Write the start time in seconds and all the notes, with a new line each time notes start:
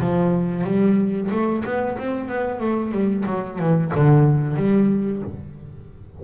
0.00 F3
0.64 G3
1.31 A3
1.65 B3
1.98 C4
2.28 B3
2.60 A3
2.91 G3
3.25 F#3
3.59 E3
3.95 D3
4.56 G3